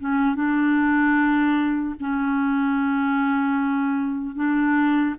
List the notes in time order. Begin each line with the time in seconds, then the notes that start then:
0.00 C#4
0.36 D4
2.01 C#4
4.36 D4